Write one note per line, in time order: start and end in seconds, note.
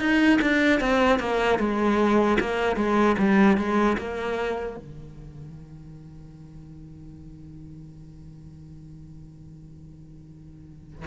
0.00 0.39 D#4
0.42 0.81 D4
0.81 1.19 C4
1.19 1.59 A#3
1.59 2.38 G#3
2.40 2.76 A#3
2.76 3.16 G#3
3.19 3.57 G3
3.57 3.97 G#3
3.98 4.77 A#3
4.77 11.07 D#3